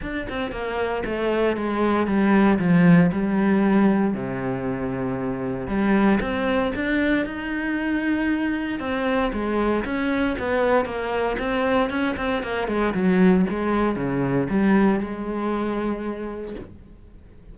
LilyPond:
\new Staff \with { instrumentName = "cello" } { \time 4/4 \tempo 4 = 116 d'8 c'8 ais4 a4 gis4 | g4 f4 g2 | c2. g4 | c'4 d'4 dis'2~ |
dis'4 c'4 gis4 cis'4 | b4 ais4 c'4 cis'8 c'8 | ais8 gis8 fis4 gis4 cis4 | g4 gis2. | }